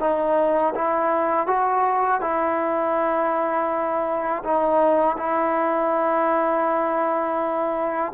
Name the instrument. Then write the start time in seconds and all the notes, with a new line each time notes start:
trombone
0.00 D#4
0.75 E4
1.47 F#4
2.21 E4
4.44 D#4
5.17 E4